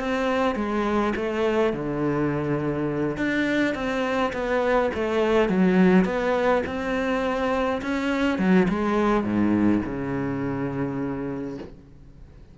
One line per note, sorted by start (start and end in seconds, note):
0.00 0.56 C4
0.56 1.14 G#3
1.16 1.73 A3
1.73 3.17 D3
3.17 3.75 D4
3.75 4.33 C4
4.33 4.91 B3
4.95 5.49 A3
5.49 6.06 F#3
6.06 6.63 B3
6.66 7.82 C4
7.82 8.39 C#4
8.39 8.68 F#3
8.69 9.24 G#3
9.24 9.82 G#2
9.85 11.58 C#3